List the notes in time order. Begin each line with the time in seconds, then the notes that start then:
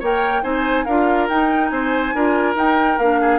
0.00 A#3 A#4 C#5 G5
0.43 C4 D#4 C5 G#5
0.85 D4 F4 A#4 F5
1.29 D#4 G5
1.69 C4 C5 G#5
2.14 D4 F4 A#4
2.55 D#4 G5
2.98 A#3 D4 F5
3.21 G#4